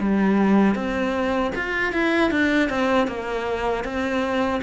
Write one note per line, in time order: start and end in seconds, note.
0.00 0.75 G3
0.75 1.52 C4
1.56 1.93 F4
1.93 2.31 E4
2.31 2.70 D4
2.70 3.07 C4
3.07 3.84 A#3
3.84 4.61 C4